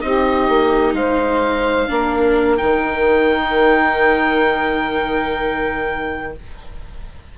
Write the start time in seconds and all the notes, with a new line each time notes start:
0.00 C4 D#4 G4 D#5
0.48 A#3
0.93 G#3 C5 F5
1.88 A#3 D4 A#4
2.57 D#3 D#4 G5